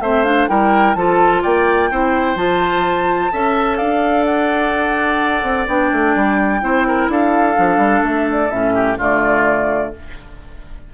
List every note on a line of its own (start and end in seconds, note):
0.00 0.47 A3
0.00 0.25 C4
0.00 0.50 C5
0.00 0.24 E5
0.24 0.48 D4
0.24 0.48 F5
0.48 0.95 G3
0.48 0.96 E4
0.48 0.97 A#4
0.48 0.95 G5
0.95 1.43 F3
0.95 1.91 F4
0.95 1.43 A4
0.95 1.42 A5
1.43 1.91 A#3
1.43 1.90 D5
1.43 2.38 G5
1.91 2.35 C4
1.91 2.37 E4
1.91 3.32 C5
2.35 3.30 F3
2.35 3.31 F4
2.35 3.77 A5
3.32 3.80 C#4
3.32 5.69 A4
3.32 3.78 E5
3.77 5.43 D4
3.77 6.61 D5
3.77 4.25 F5
4.25 5.67 F#5
5.43 5.66 C4
5.68 5.91 B3
5.68 6.61 D4
5.68 7.10 G5
5.92 6.16 A3
6.16 6.62 G3
6.61 7.09 C4
6.61 7.55 E4
6.61 6.87 C5
6.88 7.11 A#4
7.09 7.56 D4
7.09 8.75 A4
7.09 8.05 F5
7.55 7.77 F3
7.55 8.50 D4
7.77 8.01 G3
8.03 8.50 A3
8.03 8.29 E5
8.31 8.51 D5
8.51 8.98 A2
8.51 8.98 C#4
8.51 8.98 E5
8.75 8.98 G4
8.98 9.93 D3
8.98 9.94 A3
8.98 9.93 F4
8.98 9.94 D5